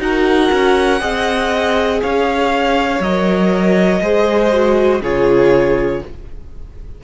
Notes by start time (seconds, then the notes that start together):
0.00 D#4 F#4 A#4 F#5
0.52 C#4
1.00 C4 G#4 D#5
2.02 C#4 C#5 F5
3.00 F#3 A#4 D#5
4.02 G#3 G#4 C5
4.52 F#4
5.02 C#3 F4 G#4 C#5